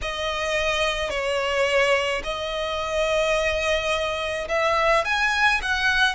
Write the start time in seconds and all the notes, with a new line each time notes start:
0.01 D#5
1.10 C#5
2.23 D#5
4.48 E5
5.04 G#5
5.62 F#5